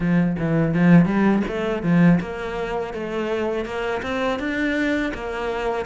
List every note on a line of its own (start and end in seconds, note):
0.00 0.36 F3
0.38 0.74 E3
0.74 1.05 F3
1.05 1.42 G3
1.48 1.83 A3
1.83 2.19 F3
2.20 2.93 A#3
2.93 3.65 A3
3.65 4.01 A#3
4.02 4.39 C4
4.39 5.12 D4
5.14 5.85 A#3